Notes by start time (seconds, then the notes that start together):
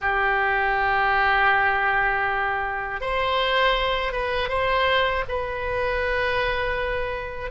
0.01 G4
3.00 C5
4.12 B4
4.49 C5
5.28 B4